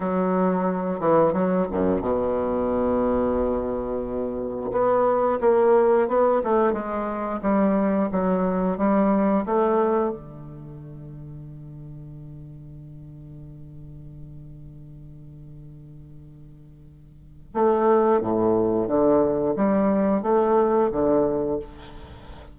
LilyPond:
\new Staff \with { instrumentName = "bassoon" } { \time 4/4 \tempo 4 = 89 fis4. e8 fis8 fis,8 b,4~ | b,2. b4 | ais4 b8 a8 gis4 g4 | fis4 g4 a4 d4~ |
d1~ | d1~ | d2 a4 a,4 | d4 g4 a4 d4 | }